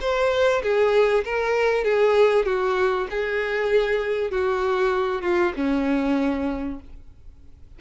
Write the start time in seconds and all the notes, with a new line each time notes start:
0.00 C5
0.62 G#4
1.24 A#4
1.84 G#4
2.45 F#4
3.10 G#4
4.31 F#4
5.22 F4
5.56 C#4